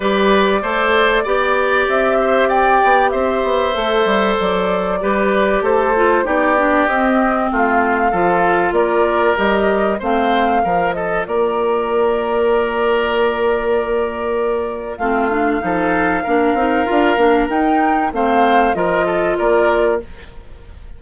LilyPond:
<<
  \new Staff \with { instrumentName = "flute" } { \time 4/4 \tempo 4 = 96 d''2. e''4 | g''4 e''2 d''4~ | d''4 c''4 d''4 dis''4 | f''2 d''4 dis''4 |
f''4. dis''8 d''2~ | d''1 | f''1 | g''4 f''4 dis''4 d''4 | }
  \new Staff \with { instrumentName = "oboe" } { \time 4/4 b'4 c''4 d''4. c''8 | d''4 c''2. | b'4 a'4 g'2 | f'4 a'4 ais'2 |
c''4 ais'8 a'8 ais'2~ | ais'1 | f'4 a'4 ais'2~ | ais'4 c''4 ais'8 a'8 ais'4 | }
  \new Staff \with { instrumentName = "clarinet" } { \time 4/4 g'4 a'4 g'2~ | g'2 a'2 | g'4. f'8 dis'8 d'8 c'4~ | c'4 f'2 g'4 |
c'4 f'2.~ | f'1 | c'8 d'8 dis'4 d'8 dis'8 f'8 d'8 | dis'4 c'4 f'2 | }
  \new Staff \with { instrumentName = "bassoon" } { \time 4/4 g4 a4 b4 c'4~ | c'8 b8 c'8 b8 a8 g8 fis4 | g4 a4 b4 c'4 | a4 f4 ais4 g4 |
a4 f4 ais2~ | ais1 | a4 f4 ais8 c'8 d'8 ais8 | dis'4 a4 f4 ais4 | }
>>